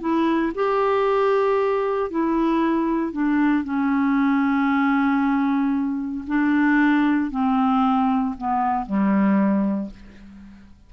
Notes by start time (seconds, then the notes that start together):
0.00 E4
0.55 G4
2.10 E4
3.12 D4
3.64 C#4
6.27 D4
7.31 C4
8.37 B3
8.86 G3